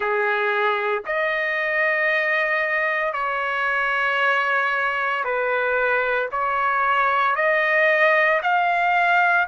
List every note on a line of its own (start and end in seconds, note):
0.00 1.02 G#4
1.05 3.13 D#5
3.13 5.23 C#5
5.24 6.29 B4
6.31 7.35 C#5
7.35 8.40 D#5
8.42 9.47 F5